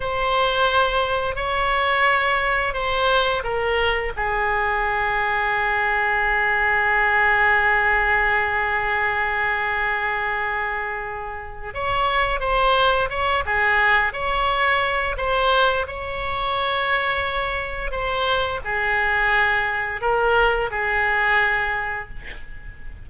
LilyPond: \new Staff \with { instrumentName = "oboe" } { \time 4/4 \tempo 4 = 87 c''2 cis''2 | c''4 ais'4 gis'2~ | gis'1~ | gis'1~ |
gis'4 cis''4 c''4 cis''8 gis'8~ | gis'8 cis''4. c''4 cis''4~ | cis''2 c''4 gis'4~ | gis'4 ais'4 gis'2 | }